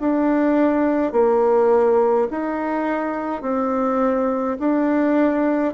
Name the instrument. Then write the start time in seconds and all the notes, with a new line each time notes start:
bassoon
0.00 D4
1.13 A#3
2.31 D#4
3.42 C4
4.59 D4